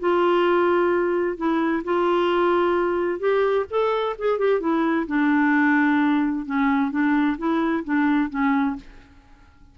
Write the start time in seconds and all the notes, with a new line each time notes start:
0.00 F4
1.37 E4
1.84 F4
3.19 G4
3.70 A4
4.19 G#4
4.39 G4
4.60 E4
5.07 D4
6.46 C#4
6.91 D4
7.38 E4
7.84 D4
8.30 C#4